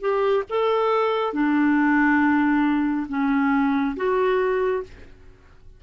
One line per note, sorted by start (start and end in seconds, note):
0.00 0.43 G4
0.49 1.33 A4
1.33 3.07 D4
3.09 3.96 C#4
3.96 4.83 F#4